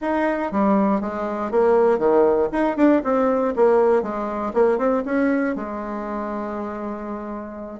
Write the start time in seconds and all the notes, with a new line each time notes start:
0.01 D#4
0.51 G3
1.01 G#3
1.51 A#3
1.98 D#3
2.52 D#4
2.76 D4
3.03 C4
3.56 A#3
4.02 G#3
4.53 A#3
4.77 C4
5.05 C#4
5.55 G#3